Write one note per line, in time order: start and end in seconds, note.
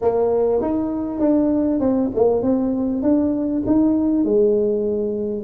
0.01 0.61 A#3
0.61 1.19 D#4
1.19 1.80 D4
1.80 2.10 C4
2.15 2.42 A#3
2.42 3.02 C4
3.02 3.63 D4
3.66 4.24 D#4
4.24 5.44 G#3